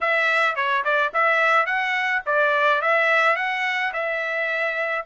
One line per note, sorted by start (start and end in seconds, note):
0.01 0.55 E5
0.55 0.83 C#5
0.84 1.12 D5
1.13 1.65 E5
1.65 2.21 F#5
2.26 2.81 D5
2.81 3.36 E5
3.36 3.92 F#5
3.93 5.05 E5